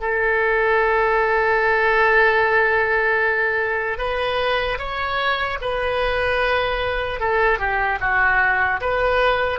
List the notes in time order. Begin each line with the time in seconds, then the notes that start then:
0.00 A4
3.98 B4
4.78 C#5
5.61 B4
7.20 A4
7.58 G4
8.00 F#4
8.80 B4